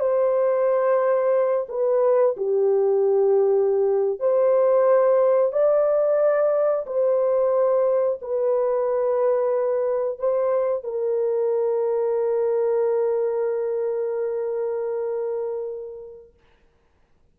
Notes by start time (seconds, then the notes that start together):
0.00 C5
1.69 B4
2.37 G4
4.19 C5
5.52 D5
6.86 C5
8.22 B4
10.19 C5
10.84 A#4